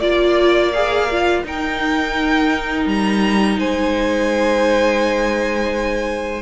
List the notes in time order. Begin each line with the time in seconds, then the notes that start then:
0.00 A#3 F4 D5
0.72 G#4 F5
1.11 F4
1.44 D#4 A#4 G5
2.86 G3 A#5
3.58 G#3 C5 G#5